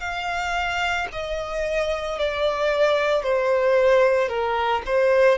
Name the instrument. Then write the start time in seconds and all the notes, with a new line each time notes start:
violin
0.00 F5
1.12 D#5
2.19 D5
3.23 C5
4.29 A#4
4.86 C5